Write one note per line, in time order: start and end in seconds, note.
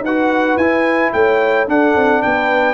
0.00 0.55 D#4
0.00 1.13 B4
0.00 0.57 F#5
0.07 0.60 F#4
0.56 1.11 E4
0.56 1.67 E4
0.56 1.11 G#5
1.12 1.67 A3
1.12 1.68 C#5
1.12 1.67 G5
1.67 2.74 D4
1.67 1.95 D4
1.67 2.22 A4
1.67 2.22 F#5
1.95 2.22 C4
2.22 2.74 B3
2.22 2.74 B4
2.22 2.74 G5